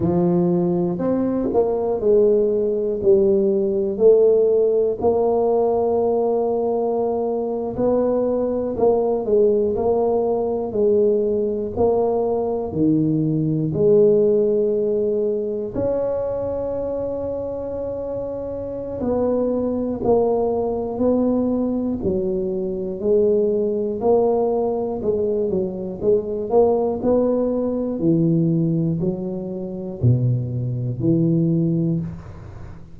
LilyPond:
\new Staff \with { instrumentName = "tuba" } { \time 4/4 \tempo 4 = 60 f4 c'8 ais8 gis4 g4 | a4 ais2~ ais8. b16~ | b8. ais8 gis8 ais4 gis4 ais16~ | ais8. dis4 gis2 cis'16~ |
cis'2. b4 | ais4 b4 fis4 gis4 | ais4 gis8 fis8 gis8 ais8 b4 | e4 fis4 b,4 e4 | }